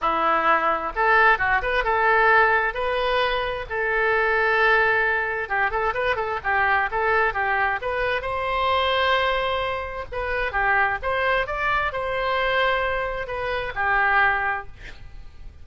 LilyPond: \new Staff \with { instrumentName = "oboe" } { \time 4/4 \tempo 4 = 131 e'2 a'4 fis'8 b'8 | a'2 b'2 | a'1 | g'8 a'8 b'8 a'8 g'4 a'4 |
g'4 b'4 c''2~ | c''2 b'4 g'4 | c''4 d''4 c''2~ | c''4 b'4 g'2 | }